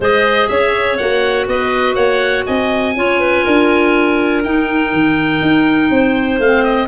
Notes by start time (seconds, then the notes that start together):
0.00 G#3 G#4 C5 D#5
0.47 C#4 C#5 E5
0.97 A#3 F#4 F#5
1.47 B3 B4 D#5
1.94 A#3 C#5 F#5
2.46 C4 D#5 G#5
2.95 C#4 F4 C#5
3.20 B4
3.44 D4 A#4
4.43 D#4 G5
4.92 D#3
5.41 D#4
5.90 C4 C5
6.38 A3 C4 F5
6.63 D#5